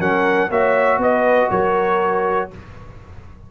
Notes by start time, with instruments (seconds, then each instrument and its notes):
0.00 tuba F#3, trombone C#4, horn A#4, trumpet F#5
0.50 tuba A#3, trombone F#4, horn C#5, trumpet E5
0.98 tuba B3, horn B4, trumpet D#5
1.50 tuba F#3, horn A#4, trumpet C#5